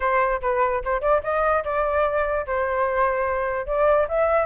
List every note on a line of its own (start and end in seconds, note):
0.00 0.41 C5
0.41 0.82 B4
0.84 1.01 C5
1.01 1.21 D5
1.23 1.64 D#5
1.64 2.46 D5
2.46 3.66 C5
3.66 4.07 D5
4.08 4.46 E5